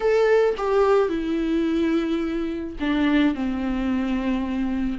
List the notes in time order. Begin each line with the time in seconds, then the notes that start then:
0.00 A4
0.57 G4
1.09 E4
2.80 D4
3.34 C4